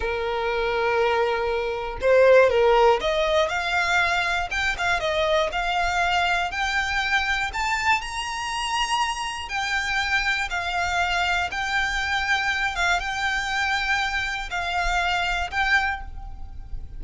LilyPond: \new Staff \with { instrumentName = "violin" } { \time 4/4 \tempo 4 = 120 ais'1 | c''4 ais'4 dis''4 f''4~ | f''4 g''8 f''8 dis''4 f''4~ | f''4 g''2 a''4 |
ais''2. g''4~ | g''4 f''2 g''4~ | g''4. f''8 g''2~ | g''4 f''2 g''4 | }